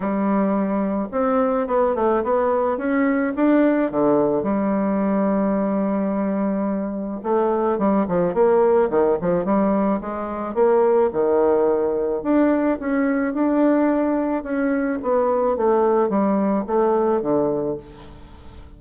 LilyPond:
\new Staff \with { instrumentName = "bassoon" } { \time 4/4 \tempo 4 = 108 g2 c'4 b8 a8 | b4 cis'4 d'4 d4 | g1~ | g4 a4 g8 f8 ais4 |
dis8 f8 g4 gis4 ais4 | dis2 d'4 cis'4 | d'2 cis'4 b4 | a4 g4 a4 d4 | }